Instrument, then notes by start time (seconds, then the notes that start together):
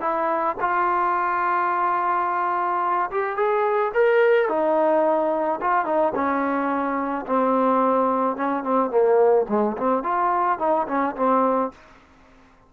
trombone
0.00 E4
0.60 F4
3.11 G4
3.36 G#4
3.94 A#4
4.48 D#4
5.61 F4
5.85 D#4
6.14 C#4
7.26 C4
8.36 C#4
8.63 C4
8.90 A#3
9.49 G#3
9.77 C4
10.03 F4
10.59 D#4
10.88 C#4
11.16 C4